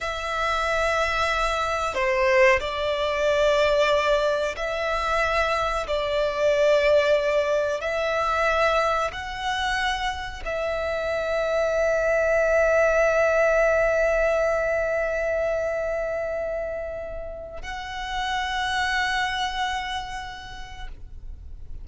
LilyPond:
\new Staff \with { instrumentName = "violin" } { \time 4/4 \tempo 4 = 92 e''2. c''4 | d''2. e''4~ | e''4 d''2. | e''2 fis''2 |
e''1~ | e''1~ | e''2. fis''4~ | fis''1 | }